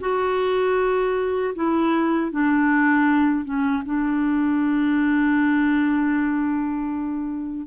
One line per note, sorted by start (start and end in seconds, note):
0.00 1.54 F#4
1.55 2.31 E4
2.31 3.45 D4
3.45 3.83 C#4
3.85 7.67 D4